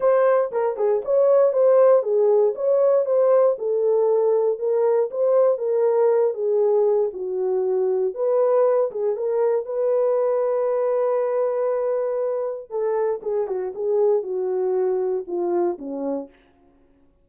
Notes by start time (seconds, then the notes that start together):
0.00 C5
0.51 A#4
0.77 G#4
1.04 C#5
1.53 C5
2.02 G#4
2.55 C#5
3.05 C5
3.58 A4
4.58 A#4
5.11 C5
5.58 A#4
6.34 G#4
7.13 F#4
8.14 B4
8.91 G#4
9.16 A#4
9.65 B4
12.70 A4
13.22 G#4
13.47 F#4
13.74 G#4
14.23 F#4
15.27 F4
15.78 C#4